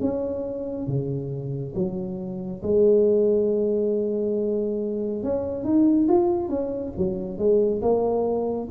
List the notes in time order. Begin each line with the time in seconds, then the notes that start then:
0.00 C#4
0.87 C#3
1.74 F#3
2.62 G#3
5.23 C#4
5.63 D#4
6.08 F4
6.49 C#4
6.97 F#3
7.38 G#3
7.81 A#3